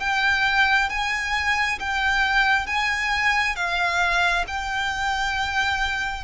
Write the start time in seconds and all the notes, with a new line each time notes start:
0.00 G5
0.90 G#5
1.80 G5
2.67 G#5
3.56 F5
4.48 G5